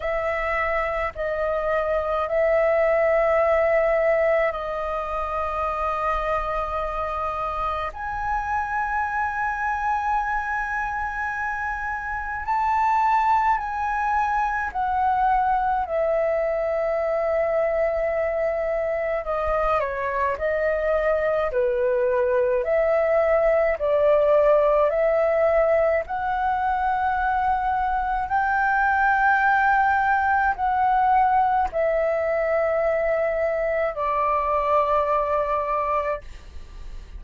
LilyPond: \new Staff \with { instrumentName = "flute" } { \time 4/4 \tempo 4 = 53 e''4 dis''4 e''2 | dis''2. gis''4~ | gis''2. a''4 | gis''4 fis''4 e''2~ |
e''4 dis''8 cis''8 dis''4 b'4 | e''4 d''4 e''4 fis''4~ | fis''4 g''2 fis''4 | e''2 d''2 | }